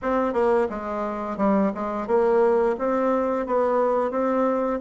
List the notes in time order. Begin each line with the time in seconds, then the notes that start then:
0.02 C4
0.33 A#3
0.69 G#3
1.37 G3
1.74 G#3
2.07 A#3
2.78 C4
3.46 B3
4.10 C4